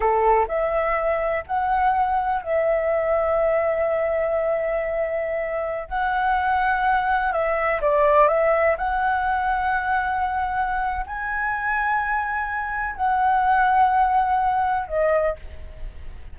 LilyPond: \new Staff \with { instrumentName = "flute" } { \time 4/4 \tempo 4 = 125 a'4 e''2 fis''4~ | fis''4 e''2.~ | e''1~ | e''16 fis''2. e''8.~ |
e''16 d''4 e''4 fis''4.~ fis''16~ | fis''2. gis''4~ | gis''2. fis''4~ | fis''2. dis''4 | }